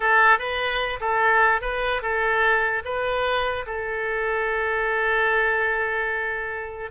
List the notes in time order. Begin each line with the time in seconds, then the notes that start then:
0.00 A4
0.38 B4
1.00 A4
1.61 B4
2.01 A4
2.84 B4
3.66 A4